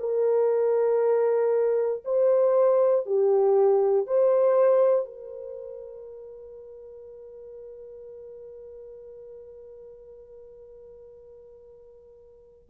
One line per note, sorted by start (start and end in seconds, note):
0.00 2.03 A#4
2.05 3.06 C5
3.06 4.07 G4
4.07 5.06 C5
5.06 12.68 A#4